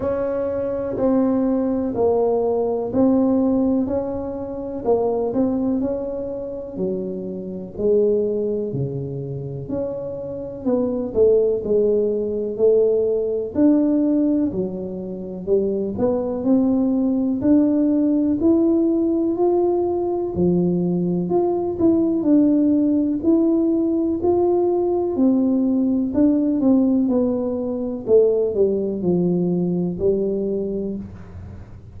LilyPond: \new Staff \with { instrumentName = "tuba" } { \time 4/4 \tempo 4 = 62 cis'4 c'4 ais4 c'4 | cis'4 ais8 c'8 cis'4 fis4 | gis4 cis4 cis'4 b8 a8 | gis4 a4 d'4 fis4 |
g8 b8 c'4 d'4 e'4 | f'4 f4 f'8 e'8 d'4 | e'4 f'4 c'4 d'8 c'8 | b4 a8 g8 f4 g4 | }